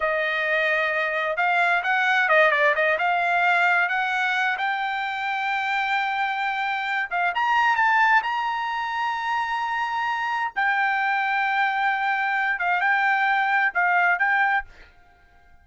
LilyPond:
\new Staff \with { instrumentName = "trumpet" } { \time 4/4 \tempo 4 = 131 dis''2. f''4 | fis''4 dis''8 d''8 dis''8 f''4.~ | f''8 fis''4. g''2~ | g''2.~ g''8 f''8 |
ais''4 a''4 ais''2~ | ais''2. g''4~ | g''2.~ g''8 f''8 | g''2 f''4 g''4 | }